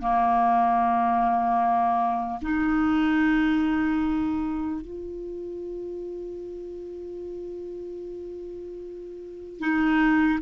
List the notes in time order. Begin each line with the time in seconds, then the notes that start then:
0.00 A#3
2.42 D#4
4.81 F4
9.59 D#4